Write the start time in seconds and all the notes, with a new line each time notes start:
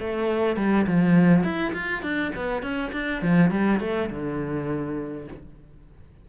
0.00 A3
0.57 G3
0.87 F3
1.44 E4
1.74 F4
2.03 D4
2.36 B3
2.63 C#4
2.93 D4
3.22 F3
3.51 G3
3.80 A3
4.10 D3